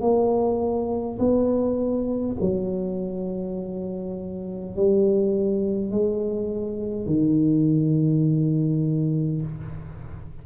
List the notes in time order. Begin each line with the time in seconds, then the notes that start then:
0.00 A#3
1.19 B3
2.41 F#3
4.76 G3
5.91 G#3
7.06 D#3